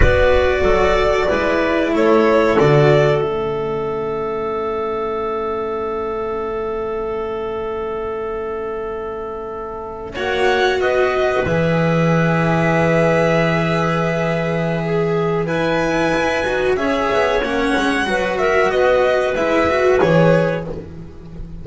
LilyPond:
<<
  \new Staff \with { instrumentName = "violin" } { \time 4/4 \tempo 4 = 93 d''2. cis''4 | d''4 e''2.~ | e''1~ | e''2.~ e''8. fis''16~ |
fis''8. dis''4 e''2~ e''16~ | e''1 | gis''2 e''4 fis''4~ | fis''8 e''8 dis''4 e''4 cis''4 | }
  \new Staff \with { instrumentName = "clarinet" } { \time 4/4 b'4 a'4 b'4 a'4~ | a'1~ | a'1~ | a'2.~ a'8. cis''16~ |
cis''8. b'2.~ b'16~ | b'2. gis'4 | b'2 cis''2 | b'8 ais'8 b'2. | }
  \new Staff \with { instrumentName = "cello" } { \time 4/4 fis'2 e'2 | fis'4 cis'2.~ | cis'1~ | cis'2.~ cis'8. fis'16~ |
fis'4.~ fis'16 gis'2~ gis'16~ | gis'1 | e'4. fis'8 gis'4 cis'4 | fis'2 e'8 fis'8 gis'4 | }
  \new Staff \with { instrumentName = "double bass" } { \time 4/4 b4 fis4 gis4 a4 | d4 a2.~ | a1~ | a2.~ a8. ais16~ |
ais8. b4 e2~ e16~ | e1~ | e4 e'8 dis'8 cis'8 b8 ais8 gis8 | fis4 b4 gis4 e4 | }
>>